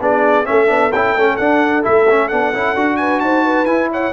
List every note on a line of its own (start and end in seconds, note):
0.00 0.46 B3
0.00 0.45 D4
0.00 0.47 G#4
0.00 0.46 D5
0.45 0.70 A3
0.45 0.67 C#4
0.45 2.99 A4
0.45 0.92 E5
0.67 0.93 B3
0.67 0.90 D4
0.92 1.15 C#4
0.92 1.17 E4
0.92 1.37 G5
1.15 1.38 A3
1.15 1.40 C#4
1.37 1.85 D4
1.37 1.83 D4
1.37 1.82 F#5
1.83 2.32 A3
1.83 2.06 E4
1.83 2.28 E5
2.09 2.31 C#4
2.28 2.54 B3
2.28 2.54 D4
2.28 2.97 F#5
2.54 2.75 C#4
2.54 2.76 E4
2.75 3.21 D4
2.75 3.67 F#4
2.97 3.22 B4
2.97 3.20 G#5
3.20 3.66 D#4
3.20 3.45 C5
3.20 3.66 A5
3.45 3.90 B4
3.66 4.11 E4
3.66 4.12 E4
3.66 3.88 G#5
3.92 4.13 C#5
3.92 4.13 F#5